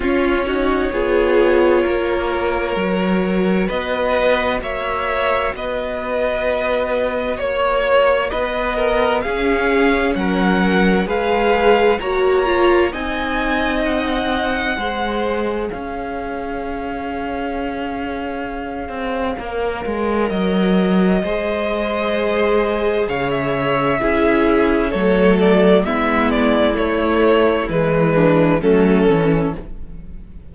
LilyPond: <<
  \new Staff \with { instrumentName = "violin" } { \time 4/4 \tempo 4 = 65 cis''1 | dis''4 e''4 dis''2 | cis''4 dis''4 f''4 fis''4 | f''4 ais''4 gis''4 fis''4~ |
fis''4 f''2.~ | f''2 dis''2~ | dis''4 f''16 e''4.~ e''16 cis''8 d''8 | e''8 d''8 cis''4 b'4 a'4 | }
  \new Staff \with { instrumentName = "violin" } { \time 4/4 f'8 fis'8 gis'4 ais'2 | b'4 cis''4 b'2 | cis''4 b'8 ais'8 gis'4 ais'4 | b'4 cis''4 dis''2 |
c''4 cis''2.~ | cis''2. c''4~ | c''4 cis''4 gis'4 a'4 | e'2~ e'8 d'8 cis'4 | }
  \new Staff \with { instrumentName = "viola" } { \time 4/4 cis'8 dis'8 f'2 fis'4~ | fis'1~ | fis'2 cis'2 | gis'4 fis'8 f'8 dis'2 |
gis'1~ | gis'4 ais'2 gis'4~ | gis'2 e'4 a4 | b4 a4 gis4 a8 cis'8 | }
  \new Staff \with { instrumentName = "cello" } { \time 4/4 cis'4 b4 ais4 fis4 | b4 ais4 b2 | ais4 b4 cis'4 fis4 | gis4 ais4 c'2 |
gis4 cis'2.~ | cis'8 c'8 ais8 gis8 fis4 gis4~ | gis4 cis4 cis'4 fis4 | gis4 a4 e4 fis8 e8 | }
>>